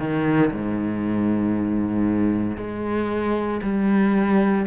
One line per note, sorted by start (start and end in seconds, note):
0.00 0.52 D#3
0.53 2.58 G#2
2.58 3.61 G#3
3.63 4.66 G3